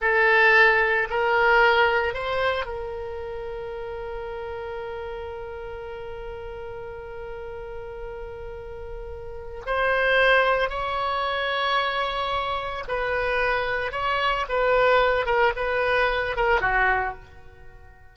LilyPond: \new Staff \with { instrumentName = "oboe" } { \time 4/4 \tempo 4 = 112 a'2 ais'2 | c''4 ais'2.~ | ais'1~ | ais'1~ |
ais'2 c''2 | cis''1 | b'2 cis''4 b'4~ | b'8 ais'8 b'4. ais'8 fis'4 | }